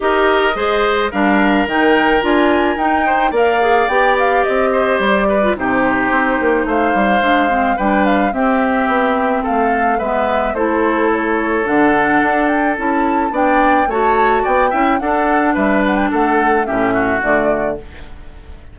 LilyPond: <<
  \new Staff \with { instrumentName = "flute" } { \time 4/4 \tempo 4 = 108 dis''2 f''4 g''4 | gis''4 g''4 f''4 g''8 f''8 | dis''4 d''4 c''2 | f''2 g''8 f''8 e''4~ |
e''4 f''4 e''4 c''4 | cis''4 fis''4. g''8 a''4 | g''4 a''4 g''4 fis''4 | e''8 fis''16 g''16 fis''4 e''4 d''4 | }
  \new Staff \with { instrumentName = "oboe" } { \time 4/4 ais'4 c''4 ais'2~ | ais'4. c''8 d''2~ | d''8 c''4 b'8 g'2 | c''2 b'4 g'4~ |
g'4 a'4 b'4 a'4~ | a'1 | d''4 cis''4 d''8 e''8 a'4 | b'4 a'4 g'8 fis'4. | }
  \new Staff \with { instrumentName = "clarinet" } { \time 4/4 g'4 gis'4 d'4 dis'4 | f'4 dis'4 ais'8 gis'8 g'4~ | g'4.~ g'16 f'16 dis'2~ | dis'4 d'8 c'8 d'4 c'4~ |
c'2 b4 e'4~ | e'4 d'2 e'4 | d'4 fis'4. e'8 d'4~ | d'2 cis'4 a4 | }
  \new Staff \with { instrumentName = "bassoon" } { \time 4/4 dis'4 gis4 g4 dis4 | d'4 dis'4 ais4 b4 | c'4 g4 c4 c'8 ais8 | a8 g8 gis4 g4 c'4 |
b4 a4 gis4 a4~ | a4 d4 d'4 cis'4 | b4 a4 b8 cis'8 d'4 | g4 a4 a,4 d4 | }
>>